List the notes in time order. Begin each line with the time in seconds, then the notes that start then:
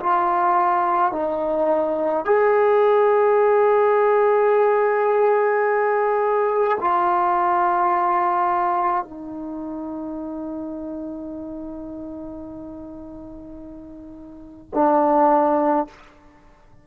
0.00 F4
1.13 D#4
2.25 G#4
6.81 F4
9.05 D#4
14.74 D4